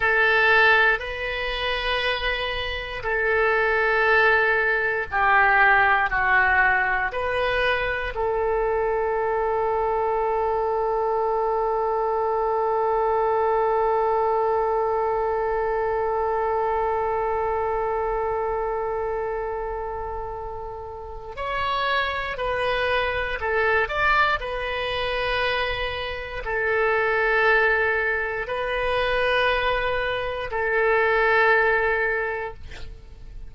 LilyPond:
\new Staff \with { instrumentName = "oboe" } { \time 4/4 \tempo 4 = 59 a'4 b'2 a'4~ | a'4 g'4 fis'4 b'4 | a'1~ | a'1~ |
a'1~ | a'4 cis''4 b'4 a'8 d''8 | b'2 a'2 | b'2 a'2 | }